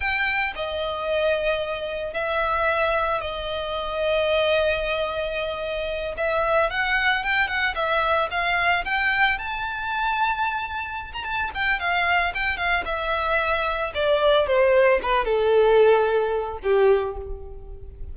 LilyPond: \new Staff \with { instrumentName = "violin" } { \time 4/4 \tempo 4 = 112 g''4 dis''2. | e''2 dis''2~ | dis''2.~ dis''8 e''8~ | e''8 fis''4 g''8 fis''8 e''4 f''8~ |
f''8 g''4 a''2~ a''8~ | a''8. ais''16 a''8 g''8 f''4 g''8 f''8 | e''2 d''4 c''4 | b'8 a'2~ a'8 g'4 | }